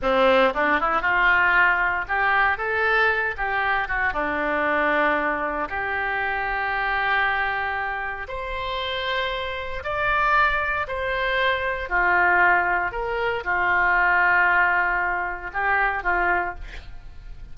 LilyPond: \new Staff \with { instrumentName = "oboe" } { \time 4/4 \tempo 4 = 116 c'4 d'8 e'8 f'2 | g'4 a'4. g'4 fis'8 | d'2. g'4~ | g'1 |
c''2. d''4~ | d''4 c''2 f'4~ | f'4 ais'4 f'2~ | f'2 g'4 f'4 | }